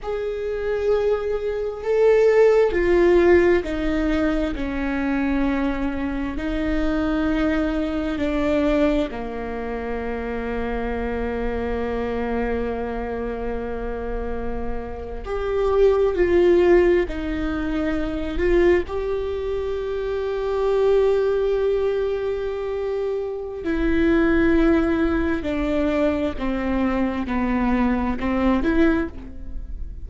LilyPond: \new Staff \with { instrumentName = "viola" } { \time 4/4 \tempo 4 = 66 gis'2 a'4 f'4 | dis'4 cis'2 dis'4~ | dis'4 d'4 ais2~ | ais1~ |
ais8. g'4 f'4 dis'4~ dis'16~ | dis'16 f'8 g'2.~ g'16~ | g'2 e'2 | d'4 c'4 b4 c'8 e'8 | }